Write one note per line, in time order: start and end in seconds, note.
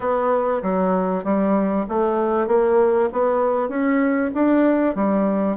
0.00 0.62 B3
0.62 1.23 F#3
1.23 1.85 G3
1.88 2.47 A3
2.47 3.09 A#3
3.12 3.69 B3
3.69 4.30 C#4
4.34 4.95 D4
4.95 5.57 G3